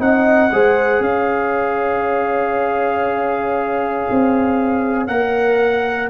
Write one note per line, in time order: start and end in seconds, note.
0.00 0.51 C4
0.00 0.51 D#4
0.00 0.54 D#5
0.00 1.03 F#5
0.53 1.00 G#3
0.53 5.08 G#4
0.53 1.05 C5
1.00 4.05 C#4
1.00 6.10 C#5
1.00 5.07 F5
4.11 5.08 C4
5.07 6.10 A#3
5.07 6.10 A#4
5.07 6.09 F#5